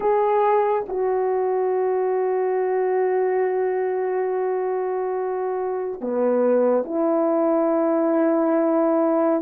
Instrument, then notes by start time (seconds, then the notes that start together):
horn
0.00 G#4
0.88 F#4
6.00 B3
6.84 E4